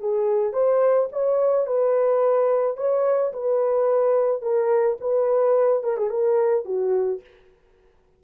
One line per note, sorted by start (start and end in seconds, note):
0.00 0.53 G#4
0.53 1.09 C5
1.12 1.67 C#5
1.67 2.77 B4
2.77 3.32 C#5
3.33 4.42 B4
4.42 4.97 A#4
5.01 5.84 B4
5.84 5.97 A#4
5.97 6.10 G#4
6.10 6.65 A#4
6.65 7.21 F#4